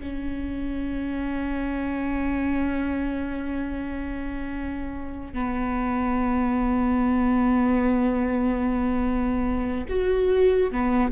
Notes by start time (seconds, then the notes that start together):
0.00 C#4
5.33 B3
9.89 F#4
10.71 B3